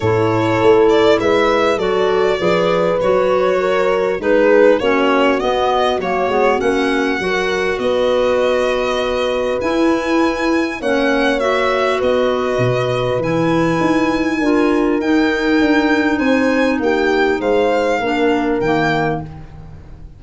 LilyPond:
<<
  \new Staff \with { instrumentName = "violin" } { \time 4/4 \tempo 4 = 100 cis''4. d''8 e''4 d''4~ | d''4 cis''2 b'4 | cis''4 dis''4 cis''4 fis''4~ | fis''4 dis''2. |
gis''2 fis''4 e''4 | dis''2 gis''2~ | gis''4 g''2 gis''4 | g''4 f''2 g''4 | }
  \new Staff \with { instrumentName = "horn" } { \time 4/4 a'2 b'4 a'4 | b'2 ais'4 gis'4 | fis'1 | ais'4 b'2.~ |
b'2 cis''2 | b'1 | ais'2. c''4 | g'4 c''4 ais'2 | }
  \new Staff \with { instrumentName = "clarinet" } { \time 4/4 e'2. fis'4 | gis'4 fis'2 dis'4 | cis'4 b4 ais8 b8 cis'4 | fis'1 |
e'2 cis'4 fis'4~ | fis'2 e'2 | f'4 dis'2.~ | dis'2 d'4 ais4 | }
  \new Staff \with { instrumentName = "tuba" } { \time 4/4 a,4 a4 gis4 fis4 | f4 fis2 gis4 | ais4 b4 fis8 gis8 ais4 | fis4 b2. |
e'2 ais2 | b4 b,4 e4 dis'4 | d'4 dis'4 d'4 c'4 | ais4 gis4 ais4 dis4 | }
>>